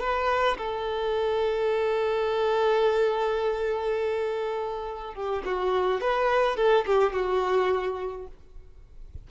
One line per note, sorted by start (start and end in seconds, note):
0.00 0.57 B4
0.58 5.14 A4
5.14 5.43 G4
5.45 6.01 F#4
6.01 6.56 B4
6.56 6.85 A4
6.86 7.13 G4
7.13 8.27 F#4